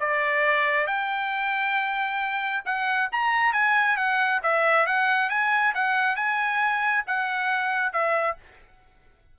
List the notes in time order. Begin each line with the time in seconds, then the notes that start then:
0.00 D5
0.87 G5
2.65 F#5
3.12 A#5
3.53 G#5
3.97 F#5
4.43 E5
4.86 F#5
5.29 G#5
5.75 F#5
6.16 G#5
7.07 F#5
7.93 E5